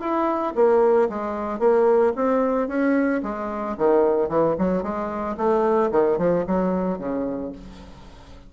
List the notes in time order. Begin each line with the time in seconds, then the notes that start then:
0.00 E4
0.55 A#3
1.09 G#3
1.59 A#3
2.16 C4
2.68 C#4
3.22 G#3
3.77 D#3
4.29 E3
4.58 F#3
4.82 G#3
5.37 A3
5.91 D#3
6.18 F3
6.47 F#3
6.98 C#3